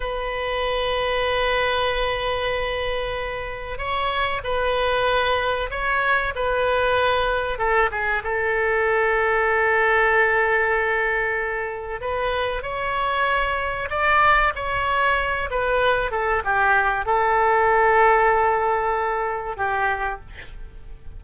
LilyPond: \new Staff \with { instrumentName = "oboe" } { \time 4/4 \tempo 4 = 95 b'1~ | b'2 cis''4 b'4~ | b'4 cis''4 b'2 | a'8 gis'8 a'2.~ |
a'2. b'4 | cis''2 d''4 cis''4~ | cis''8 b'4 a'8 g'4 a'4~ | a'2. g'4 | }